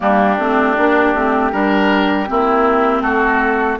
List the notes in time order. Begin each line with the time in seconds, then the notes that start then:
0.00 G3 A#3 D4 G4
0.38 A3 C4
0.77 A#3 D4
1.14 A3 C4
1.52 G3 D4 A#4
2.27 A#3 C4 E4
3.01 A3 F#4 A4